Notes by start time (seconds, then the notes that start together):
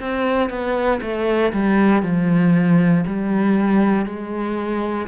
0.00 C4
0.50 B3
1.02 A3
1.53 G3
2.03 F3
3.06 G3
4.06 G#3